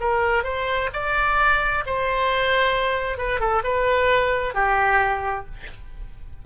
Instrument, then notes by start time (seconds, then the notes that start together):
oboe
0.00 A#4
0.44 C5
0.93 D5
1.86 C5
3.18 B4
3.40 A4
3.64 B4
4.55 G4